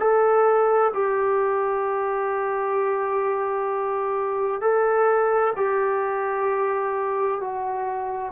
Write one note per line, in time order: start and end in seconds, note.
0.00 0.92 A4
0.94 4.61 G4
4.61 5.53 A4
5.56 7.41 G4
7.41 8.32 F#4